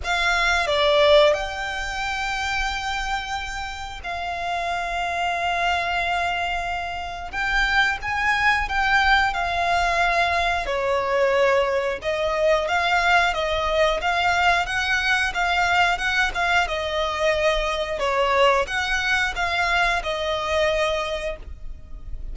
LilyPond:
\new Staff \with { instrumentName = "violin" } { \time 4/4 \tempo 4 = 90 f''4 d''4 g''2~ | g''2 f''2~ | f''2. g''4 | gis''4 g''4 f''2 |
cis''2 dis''4 f''4 | dis''4 f''4 fis''4 f''4 | fis''8 f''8 dis''2 cis''4 | fis''4 f''4 dis''2 | }